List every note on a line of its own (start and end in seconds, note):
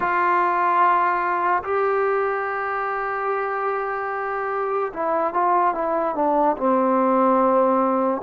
0.00 1.63 F4
1.63 4.92 G4
4.93 5.33 E4
5.33 5.74 F4
5.74 6.15 E4
6.15 6.56 D4
6.57 8.21 C4